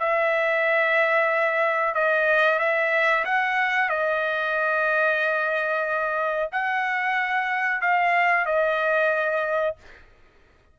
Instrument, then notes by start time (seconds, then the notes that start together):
trumpet
0.00 E5
1.95 D#5
2.59 E5
3.25 F#5
3.90 D#5
6.52 F#5
7.81 F5
8.46 D#5